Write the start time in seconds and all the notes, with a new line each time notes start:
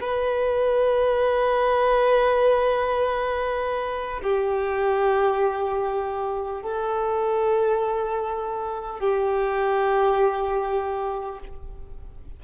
0.00 B4
4.23 G4
6.62 A4
8.99 G4